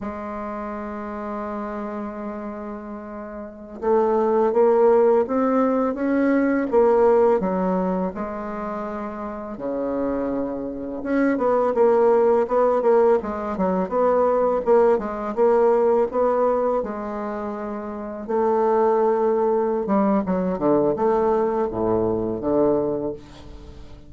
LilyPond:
\new Staff \with { instrumentName = "bassoon" } { \time 4/4 \tempo 4 = 83 gis1~ | gis4~ gis16 a4 ais4 c'8.~ | c'16 cis'4 ais4 fis4 gis8.~ | gis4~ gis16 cis2 cis'8 b16~ |
b16 ais4 b8 ais8 gis8 fis8 b8.~ | b16 ais8 gis8 ais4 b4 gis8.~ | gis4~ gis16 a2~ a16 g8 | fis8 d8 a4 a,4 d4 | }